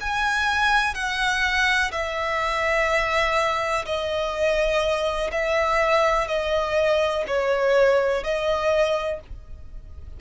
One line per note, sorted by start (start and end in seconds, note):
0.00 0.94 G#5
0.94 1.91 F#5
1.91 3.85 E5
3.85 5.30 D#5
5.31 6.27 E5
6.27 7.24 D#5
7.27 8.23 C#5
8.23 9.20 D#5